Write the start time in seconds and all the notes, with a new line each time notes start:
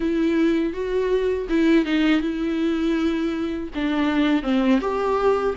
0.00 E4
0.73 F#4
1.49 E4
1.85 D#4
2.21 E4
3.74 D4
4.42 C4
4.80 G4